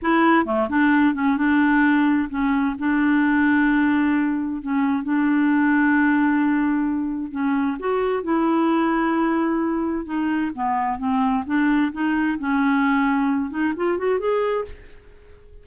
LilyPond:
\new Staff \with { instrumentName = "clarinet" } { \time 4/4 \tempo 4 = 131 e'4 a8 d'4 cis'8 d'4~ | d'4 cis'4 d'2~ | d'2 cis'4 d'4~ | d'1 |
cis'4 fis'4 e'2~ | e'2 dis'4 b4 | c'4 d'4 dis'4 cis'4~ | cis'4. dis'8 f'8 fis'8 gis'4 | }